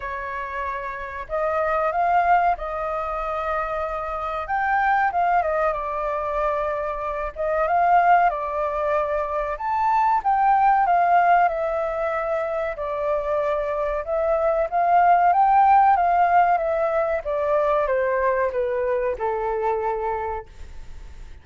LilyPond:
\new Staff \with { instrumentName = "flute" } { \time 4/4 \tempo 4 = 94 cis''2 dis''4 f''4 | dis''2. g''4 | f''8 dis''8 d''2~ d''8 dis''8 | f''4 d''2 a''4 |
g''4 f''4 e''2 | d''2 e''4 f''4 | g''4 f''4 e''4 d''4 | c''4 b'4 a'2 | }